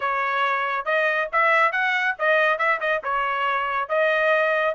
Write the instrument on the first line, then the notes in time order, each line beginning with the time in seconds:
trumpet
0.00 C#5
0.85 D#5
1.32 E5
1.71 F#5
2.18 D#5
2.58 E5
2.80 D#5
3.03 C#5
3.88 D#5